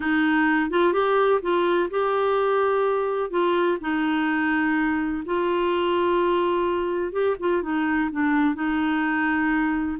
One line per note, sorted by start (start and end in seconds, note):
0.00 0.70 D#4
0.70 0.93 F4
0.93 1.40 G4
1.42 1.89 F4
1.90 3.30 G4
3.30 3.78 F4
3.80 5.23 D#4
5.25 7.12 F4
7.12 7.36 G4
7.39 7.62 F4
7.62 8.10 D#4
8.11 8.55 D4
8.55 9.97 D#4